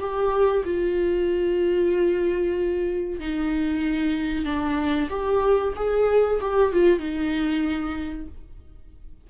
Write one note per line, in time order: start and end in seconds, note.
0.00 0.64 G4
0.65 3.20 F4
3.20 4.45 D#4
4.45 5.09 D4
5.10 5.74 G4
5.76 6.40 G#4
6.41 6.73 G4
6.73 6.99 F4
6.99 8.27 D#4